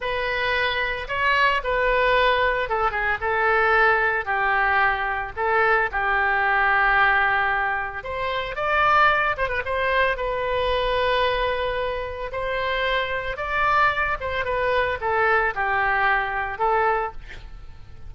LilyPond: \new Staff \with { instrumentName = "oboe" } { \time 4/4 \tempo 4 = 112 b'2 cis''4 b'4~ | b'4 a'8 gis'8 a'2 | g'2 a'4 g'4~ | g'2. c''4 |
d''4. c''16 b'16 c''4 b'4~ | b'2. c''4~ | c''4 d''4. c''8 b'4 | a'4 g'2 a'4 | }